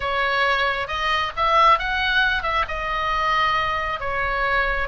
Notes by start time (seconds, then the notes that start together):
0.00 C#5
0.87 D#5
1.36 E5
1.79 F#5
2.43 E5
2.67 D#5
4.00 C#5